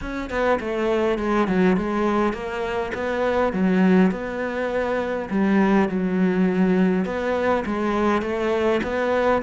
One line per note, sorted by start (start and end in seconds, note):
0.01 0.29 C#4
0.29 0.59 B3
0.60 1.18 A3
1.18 1.47 G#3
1.47 1.76 F#3
1.76 2.33 G#3
2.33 2.92 A#3
2.94 3.52 B3
3.52 4.11 F#3
4.11 5.28 B3
5.29 5.88 G3
5.88 7.05 F#3
7.05 7.64 B3
7.65 8.21 G#3
8.21 8.80 A3
8.83 9.42 B3